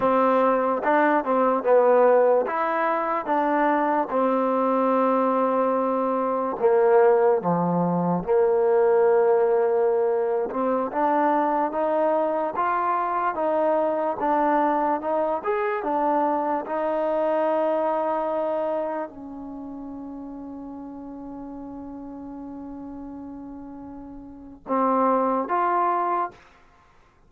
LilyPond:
\new Staff \with { instrumentName = "trombone" } { \time 4/4 \tempo 4 = 73 c'4 d'8 c'8 b4 e'4 | d'4 c'2. | ais4 f4 ais2~ | ais8. c'8 d'4 dis'4 f'8.~ |
f'16 dis'4 d'4 dis'8 gis'8 d'8.~ | d'16 dis'2. cis'8.~ | cis'1~ | cis'2 c'4 f'4 | }